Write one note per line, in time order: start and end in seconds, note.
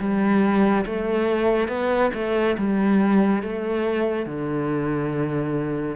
0.00 0.86 G3
0.86 1.69 A3
1.69 2.12 B3
2.14 2.57 A3
2.58 3.43 G3
3.43 4.26 A3
4.26 5.96 D3